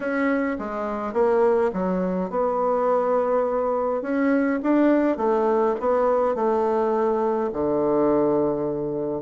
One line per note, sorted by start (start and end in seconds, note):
0.00 0.57 C#4
0.58 1.13 G#3
1.13 1.70 A#3
1.73 2.30 F#3
2.30 4.02 B3
4.02 4.59 C#4
4.62 5.17 D4
5.17 5.75 A3
5.80 6.35 B3
6.35 7.50 A3
7.52 9.22 D3